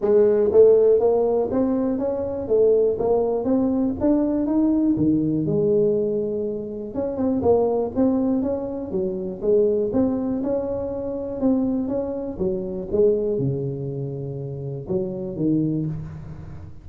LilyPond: \new Staff \with { instrumentName = "tuba" } { \time 4/4 \tempo 4 = 121 gis4 a4 ais4 c'4 | cis'4 a4 ais4 c'4 | d'4 dis'4 dis4 gis4~ | gis2 cis'8 c'8 ais4 |
c'4 cis'4 fis4 gis4 | c'4 cis'2 c'4 | cis'4 fis4 gis4 cis4~ | cis2 fis4 dis4 | }